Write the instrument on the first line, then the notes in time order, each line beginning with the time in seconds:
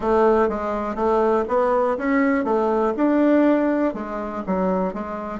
bassoon
0.00 A3
0.48 G#3
0.95 A3
1.48 B3
1.97 C#4
2.44 A3
2.96 D4
3.93 G#3
4.46 F#3
4.93 G#3